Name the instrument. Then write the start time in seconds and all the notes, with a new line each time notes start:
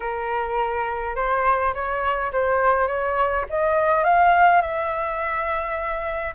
flute
0.00 A#4
1.15 C5
1.74 C#5
2.32 C5
2.87 C#5
3.49 D#5
4.04 F5
4.61 E5